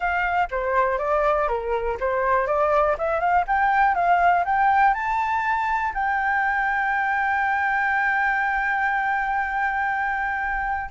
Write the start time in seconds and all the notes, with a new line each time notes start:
0.00 F5
0.50 C5
0.98 D5
1.47 A#4
2.00 C5
2.46 D5
2.98 E5
3.20 F5
3.47 G5
3.94 F5
4.45 G5
4.94 A5
5.93 G5